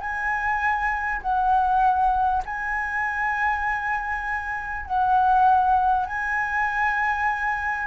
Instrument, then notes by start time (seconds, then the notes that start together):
flute
0.00 G#5
1.21 F#5
2.45 G#5
4.85 F#5
6.06 G#5